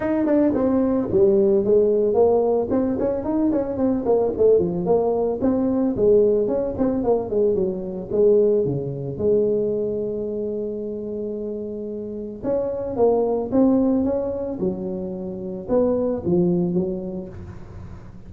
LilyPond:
\new Staff \with { instrumentName = "tuba" } { \time 4/4 \tempo 4 = 111 dis'8 d'8 c'4 g4 gis4 | ais4 c'8 cis'8 dis'8 cis'8 c'8 ais8 | a8 f8 ais4 c'4 gis4 | cis'8 c'8 ais8 gis8 fis4 gis4 |
cis4 gis2.~ | gis2. cis'4 | ais4 c'4 cis'4 fis4~ | fis4 b4 f4 fis4 | }